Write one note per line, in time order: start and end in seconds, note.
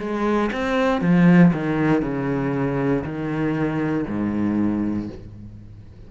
0.00 0.51 G#3
0.53 1.02 C4
1.02 1.53 F3
1.53 2.02 D#3
2.02 3.04 C#3
3.04 4.06 D#3
4.07 5.09 G#2